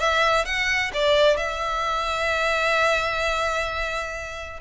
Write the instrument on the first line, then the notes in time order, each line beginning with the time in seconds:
violin
0.00 E5
0.45 F#5
0.94 D5
1.37 E5